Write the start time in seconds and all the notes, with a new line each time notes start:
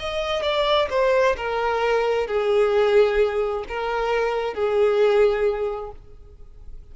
0.00 D#5
0.43 D5
0.90 C5
1.37 A#4
2.28 G#4
3.69 A#4
4.54 G#4